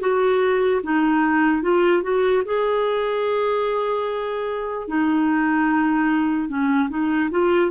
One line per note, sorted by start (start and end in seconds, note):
0.00 0.81 F#4
0.83 1.62 D#4
1.62 2.02 F4
2.02 2.43 F#4
2.45 4.88 G#4
4.88 6.48 D#4
6.48 6.89 C#4
6.89 7.30 D#4
7.30 7.71 F4